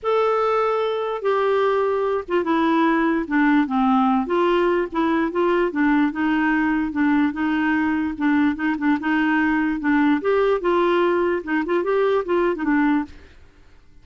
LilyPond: \new Staff \with { instrumentName = "clarinet" } { \time 4/4 \tempo 4 = 147 a'2. g'4~ | g'4. f'8 e'2 | d'4 c'4. f'4. | e'4 f'4 d'4 dis'4~ |
dis'4 d'4 dis'2 | d'4 dis'8 d'8 dis'2 | d'4 g'4 f'2 | dis'8 f'8 g'4 f'8. dis'16 d'4 | }